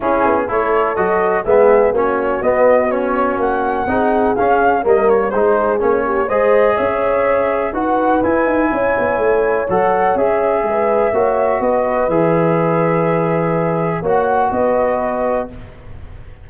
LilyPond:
<<
  \new Staff \with { instrumentName = "flute" } { \time 4/4 \tempo 4 = 124 gis'4 cis''4 dis''4 e''4 | cis''4 dis''4 cis''4 fis''4~ | fis''4 f''4 dis''8 cis''8 c''4 | cis''4 dis''4 e''2 |
fis''4 gis''2. | fis''4 e''2. | dis''4 e''2.~ | e''4 fis''4 dis''2 | }
  \new Staff \with { instrumentName = "horn" } { \time 4/4 e'4 a'2 gis'4 | fis'1 | gis'2 ais'4 gis'4~ | gis'8 g'8 c''4 cis''2 |
b'2 cis''2~ | cis''2 b'4 cis''4 | b'1~ | b'4 cis''4 b'2 | }
  \new Staff \with { instrumentName = "trombone" } { \time 4/4 cis'4 e'4 fis'4 b4 | cis'4 b4 cis'2 | dis'4 cis'4 ais4 dis'4 | cis'4 gis'2. |
fis'4 e'2. | a'4 gis'2 fis'4~ | fis'4 gis'2.~ | gis'4 fis'2. | }
  \new Staff \with { instrumentName = "tuba" } { \time 4/4 cis'8 b8 a4 fis4 gis4 | ais4 b2 ais4 | c'4 cis'4 g4 gis4 | ais4 gis4 cis'2 |
dis'4 e'8 dis'8 cis'8 b8 a4 | fis4 cis'4 gis4 ais4 | b4 e2.~ | e4 ais4 b2 | }
>>